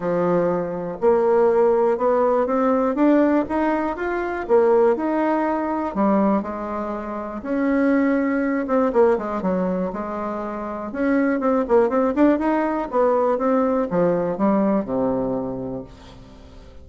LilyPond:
\new Staff \with { instrumentName = "bassoon" } { \time 4/4 \tempo 4 = 121 f2 ais2 | b4 c'4 d'4 dis'4 | f'4 ais4 dis'2 | g4 gis2 cis'4~ |
cis'4. c'8 ais8 gis8 fis4 | gis2 cis'4 c'8 ais8 | c'8 d'8 dis'4 b4 c'4 | f4 g4 c2 | }